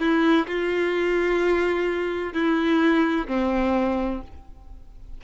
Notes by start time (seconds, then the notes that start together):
0.00 E4
0.47 F4
2.34 E4
3.28 C4